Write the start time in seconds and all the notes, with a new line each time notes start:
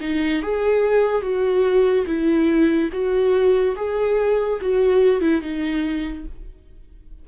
0.00 D#4
0.42 G#4
1.22 F#4
2.06 E4
2.92 F#4
3.76 G#4
4.61 F#4
5.20 E4
5.41 D#4